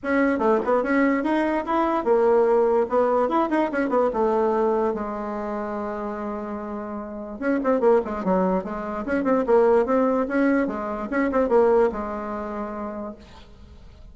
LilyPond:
\new Staff \with { instrumentName = "bassoon" } { \time 4/4 \tempo 4 = 146 cis'4 a8 b8 cis'4 dis'4 | e'4 ais2 b4 | e'8 dis'8 cis'8 b8 a2 | gis1~ |
gis2 cis'8 c'8 ais8 gis8 | fis4 gis4 cis'8 c'8 ais4 | c'4 cis'4 gis4 cis'8 c'8 | ais4 gis2. | }